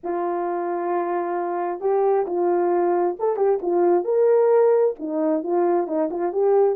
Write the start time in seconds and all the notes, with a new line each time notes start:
0.03 F4
1.80 G4
2.26 F4
3.19 A4
3.36 G4
3.62 F4
4.04 A#4
4.99 D#4
5.43 F4
5.87 D#4
6.10 F4
6.32 G4